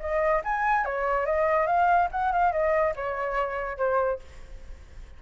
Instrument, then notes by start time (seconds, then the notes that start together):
flute
0.00 D#5
0.45 G#5
0.85 C#5
1.26 D#5
1.67 F5
2.12 F#5
2.32 F5
2.53 D#5
2.96 C#5
3.78 C5